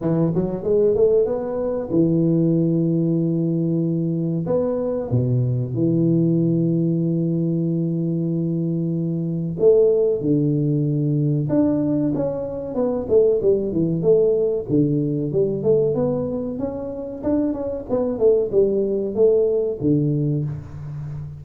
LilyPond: \new Staff \with { instrumentName = "tuba" } { \time 4/4 \tempo 4 = 94 e8 fis8 gis8 a8 b4 e4~ | e2. b4 | b,4 e2.~ | e2. a4 |
d2 d'4 cis'4 | b8 a8 g8 e8 a4 d4 | g8 a8 b4 cis'4 d'8 cis'8 | b8 a8 g4 a4 d4 | }